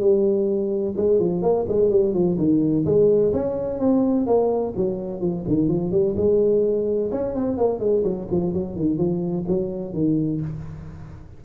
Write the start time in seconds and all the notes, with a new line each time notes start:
0.00 G3
0.97 G#3
1.20 F3
1.43 A#3
1.68 G#3
1.90 G3
2.14 F3
2.38 D#3
2.86 G#3
3.33 C#4
3.80 C4
4.27 A#3
4.77 F#3
5.21 F3
5.48 D#3
5.69 F3
5.92 G3
6.17 G#3
7.12 C#4
7.35 C4
7.58 A#3
7.80 G#3
8.04 F#3
8.31 F3
8.54 F#3
8.76 D#3
8.98 F3
9.48 F#3
9.94 D#3